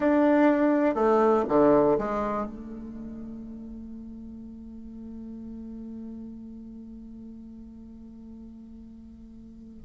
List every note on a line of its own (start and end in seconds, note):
0.00 0.94 D4
0.94 1.44 A3
1.48 1.98 D3
1.98 2.45 G#3
2.45 9.83 A3